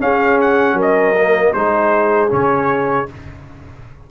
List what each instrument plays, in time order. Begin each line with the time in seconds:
0.00 tuba C#4, trombone C#4, horn G#4, trumpet F5
0.41 trumpet F#5
0.73 tuba F#3, horn A#4
0.82 trumpet D#5
1.16 trombone A#3
1.53 tuba G#3, trombone D#4, horn G#4, trumpet C5
2.29 tuba C#3, trombone C#4, trumpet C#5